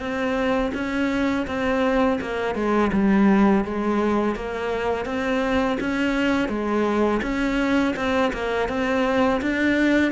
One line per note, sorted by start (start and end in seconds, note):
0.00 0.72 C4
0.74 1.47 C#4
1.48 2.20 C4
2.21 2.55 A#3
2.55 2.91 G#3
2.93 3.65 G3
3.65 4.36 G#3
4.36 5.06 A#3
5.06 5.78 C4
5.80 6.49 C#4
6.49 7.21 G#3
7.23 7.95 C#4
7.96 8.33 C4
8.33 8.69 A#3
8.69 9.41 C4
9.42 10.12 D4